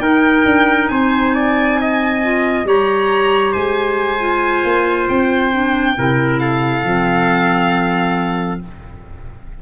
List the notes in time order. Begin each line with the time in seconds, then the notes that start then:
0.00 D#4 A#4 G5
0.46 D4
0.88 C4 C5 G#5
1.35 D5
1.81 D#5
2.23 F4
2.65 G3 G4 C#5 A#5
3.53 G#3 C5 G#5
4.20 F4
4.65 A#3
5.09 C4 G5
5.52 D4
5.98 C3 E4 A#4
6.39 A4 F5
6.84 F3 C4